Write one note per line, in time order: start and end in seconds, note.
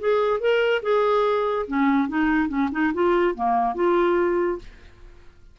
0.00 0.40 G#4
0.40 0.82 A#4
0.83 1.66 G#4
1.68 2.09 C#4
2.09 2.49 D#4
2.49 2.70 C#4
2.72 2.93 D#4
2.94 3.35 F4
3.35 3.75 A#3
3.75 4.59 F4